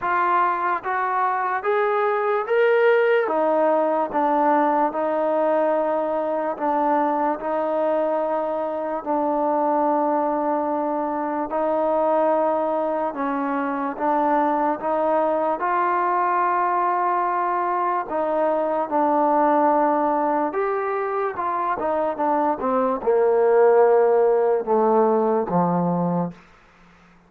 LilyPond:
\new Staff \with { instrumentName = "trombone" } { \time 4/4 \tempo 4 = 73 f'4 fis'4 gis'4 ais'4 | dis'4 d'4 dis'2 | d'4 dis'2 d'4~ | d'2 dis'2 |
cis'4 d'4 dis'4 f'4~ | f'2 dis'4 d'4~ | d'4 g'4 f'8 dis'8 d'8 c'8 | ais2 a4 f4 | }